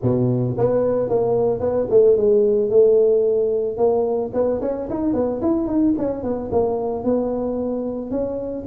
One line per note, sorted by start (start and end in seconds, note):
0.02 0.56 B2
0.57 1.09 B3
1.09 1.59 A#3
1.59 1.86 B3
1.89 2.16 A3
2.16 2.70 G#3
2.70 3.77 A3
3.77 4.31 A#3
4.33 4.60 B3
4.61 4.88 C#4
4.89 5.13 D#4
5.13 5.40 B3
5.41 5.67 E4
5.67 5.94 D#4
5.97 6.23 C#4
6.23 6.50 B3
6.51 7.03 A#3
7.03 8.11 B3
8.11 8.65 C#4